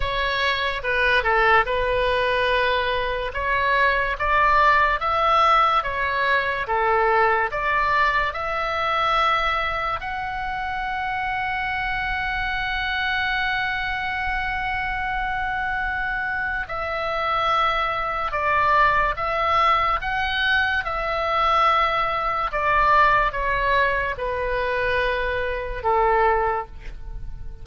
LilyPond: \new Staff \with { instrumentName = "oboe" } { \time 4/4 \tempo 4 = 72 cis''4 b'8 a'8 b'2 | cis''4 d''4 e''4 cis''4 | a'4 d''4 e''2 | fis''1~ |
fis''1 | e''2 d''4 e''4 | fis''4 e''2 d''4 | cis''4 b'2 a'4 | }